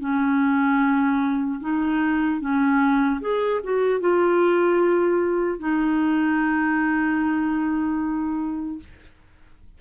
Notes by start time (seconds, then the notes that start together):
0.00 C#4
1.60 D#4
2.40 C#4
3.21 G#4
3.64 F#4
4.00 F4
5.59 D#4